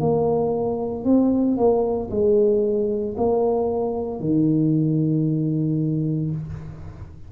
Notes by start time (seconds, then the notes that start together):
0.00 A#3
1.05 C4
1.57 A#3
2.11 G#3
3.17 A#3
4.20 D#3